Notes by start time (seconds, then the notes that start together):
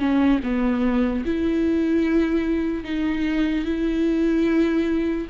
0.00 C#4
0.44 B3
1.26 E4
2.85 D#4
3.66 E4